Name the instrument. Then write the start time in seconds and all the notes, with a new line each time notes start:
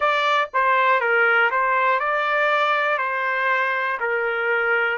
trumpet
0.00 D5
0.53 C5
1.00 A#4
1.50 C5
2.00 D5
2.98 C5
4.00 A#4